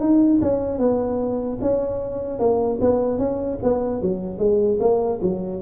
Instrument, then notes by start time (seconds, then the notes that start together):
tuba
0.00 D#4
0.41 C#4
0.79 B3
1.61 C#4
2.39 A#3
2.81 B3
3.19 C#4
3.63 B3
4.01 F#3
4.38 G#3
4.80 A#3
5.22 F#3